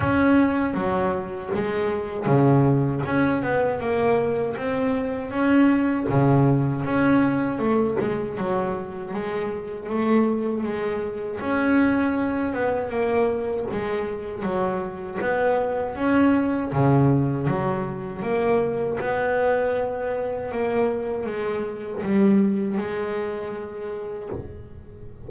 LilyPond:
\new Staff \with { instrumentName = "double bass" } { \time 4/4 \tempo 4 = 79 cis'4 fis4 gis4 cis4 | cis'8 b8 ais4 c'4 cis'4 | cis4 cis'4 a8 gis8 fis4 | gis4 a4 gis4 cis'4~ |
cis'8 b8 ais4 gis4 fis4 | b4 cis'4 cis4 fis4 | ais4 b2 ais4 | gis4 g4 gis2 | }